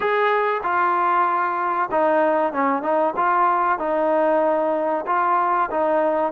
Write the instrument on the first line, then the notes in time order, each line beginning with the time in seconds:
trombone
0.00 G#4
0.63 F4
1.91 D#4
2.52 C#4
2.82 D#4
3.16 F4
3.78 D#4
5.06 F4
5.70 D#4